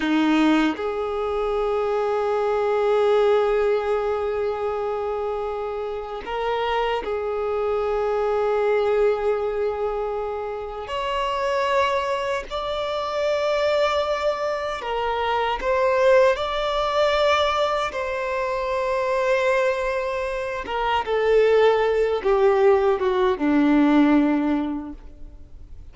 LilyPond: \new Staff \with { instrumentName = "violin" } { \time 4/4 \tempo 4 = 77 dis'4 gis'2.~ | gis'1 | ais'4 gis'2.~ | gis'2 cis''2 |
d''2. ais'4 | c''4 d''2 c''4~ | c''2~ c''8 ais'8 a'4~ | a'8 g'4 fis'8 d'2 | }